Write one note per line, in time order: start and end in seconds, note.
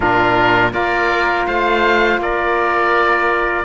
0.00 0.73 A#2
0.00 0.71 D4
0.00 0.73 F4
0.00 0.73 A#4
0.71 1.46 A#3
0.71 3.63 F4
0.71 1.47 A#4
0.71 1.46 D5
1.47 2.18 A3
1.47 2.20 C5
1.47 2.20 F5
2.18 3.64 A#3
2.18 3.65 A#4
2.18 3.65 D5